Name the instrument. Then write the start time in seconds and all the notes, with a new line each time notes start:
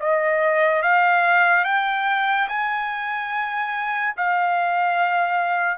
trumpet
0.00 D#5
0.82 F5
1.65 G5
2.48 G#5
4.17 F5